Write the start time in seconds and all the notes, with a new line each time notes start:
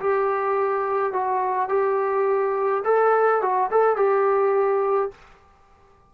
0.00 G4
1.13 F#4
1.69 G4
2.84 A4
3.42 F#4
3.71 A4
3.97 G4